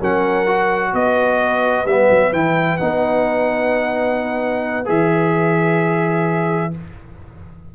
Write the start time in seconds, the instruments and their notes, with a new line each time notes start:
0.00 tuba F#3, trombone C#4, horn A#4, trumpet F#5
0.47 trombone F#4
0.93 tuba B3, horn B4, trumpet D#5
1.86 tuba G3, trombone B3, trumpet E5
2.11 tuba F#3
2.33 tuba E3, trombone E4, trumpet G5
2.78 tuba B3, trombone D#4, trumpet F#5
4.86 tuba E3, trombone G#4, trumpet E5